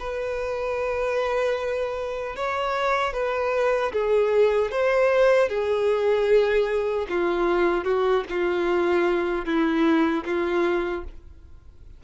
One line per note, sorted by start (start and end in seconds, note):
0.00 2.36 B4
2.36 3.14 C#5
3.14 3.93 B4
3.93 4.72 G#4
4.72 5.49 C5
5.49 7.07 G#4
7.09 7.85 F4
7.85 8.24 F#4
8.29 9.46 F4
9.46 10.25 E4
10.26 11.05 F4